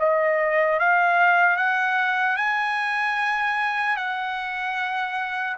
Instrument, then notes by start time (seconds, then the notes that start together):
trumpet
0.00 D#5
0.80 F5
1.57 F#5
2.37 G#5
3.97 F#5